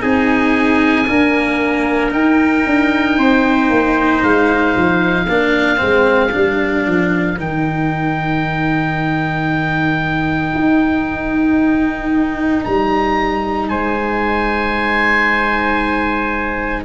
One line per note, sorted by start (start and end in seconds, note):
0.00 1.08 C4
0.00 1.05 D#4
0.00 1.07 G#4
0.00 2.11 G#5
1.07 2.10 A#3
1.07 2.12 D4
1.07 3.18 A#4
2.10 5.26 D#4
2.10 2.65 D#4
2.10 4.23 G5
2.66 3.17 D4
3.17 3.70 C4
3.17 5.27 C5
3.70 4.22 A#3
4.23 4.75 G#3
4.23 7.39 F5
4.76 5.28 F3
5.27 5.81 A#3
5.27 5.77 D4
5.27 13.69 A#4
5.77 6.34 G#3
5.77 6.29 C4
6.31 6.86 G3
6.31 7.36 D4
6.86 7.37 F3
7.37 10.53 D#3
7.37 16.84 D#4
7.37 12.64 G5
10.54 12.65 D#4
12.64 13.69 G3
12.64 13.68 A#5
13.68 16.84 G#3
13.68 16.84 C5
13.68 16.84 G#5